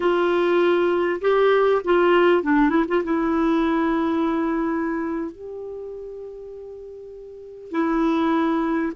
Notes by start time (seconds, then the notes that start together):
0.00 F4
1.21 G4
1.84 F4
2.42 D4
2.69 E4
2.88 F4
3.04 E4
5.31 G4
7.71 E4